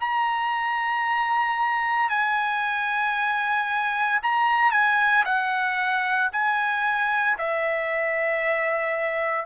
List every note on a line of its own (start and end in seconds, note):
0.00 2.10 A#5
2.10 4.20 G#5
4.22 4.71 A#5
4.71 5.24 G#5
5.25 6.30 F#5
6.32 7.37 G#5
7.38 9.45 E5